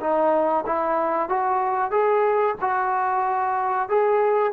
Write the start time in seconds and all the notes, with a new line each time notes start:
0.00 D#4
0.66 E4
1.29 F#4
1.91 G#4
2.61 F#4
3.89 G#4